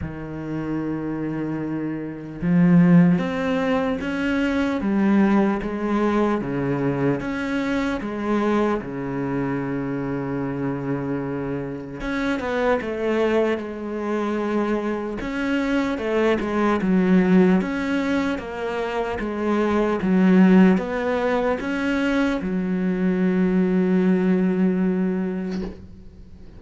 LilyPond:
\new Staff \with { instrumentName = "cello" } { \time 4/4 \tempo 4 = 75 dis2. f4 | c'4 cis'4 g4 gis4 | cis4 cis'4 gis4 cis4~ | cis2. cis'8 b8 |
a4 gis2 cis'4 | a8 gis8 fis4 cis'4 ais4 | gis4 fis4 b4 cis'4 | fis1 | }